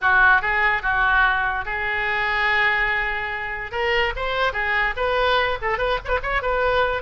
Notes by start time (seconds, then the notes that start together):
0.01 F#4
0.41 G#4
0.82 F#4
1.65 G#4
3.71 A#4
4.15 C5
4.53 G#4
4.96 B4
5.61 A4
5.78 B4
6.04 B4 C#5
6.23 C#5
6.42 B4